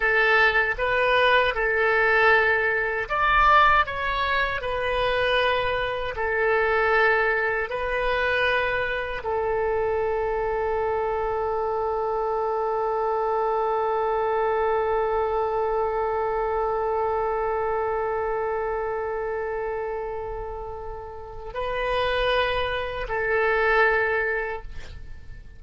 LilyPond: \new Staff \with { instrumentName = "oboe" } { \time 4/4 \tempo 4 = 78 a'4 b'4 a'2 | d''4 cis''4 b'2 | a'2 b'2 | a'1~ |
a'1~ | a'1~ | a'1 | b'2 a'2 | }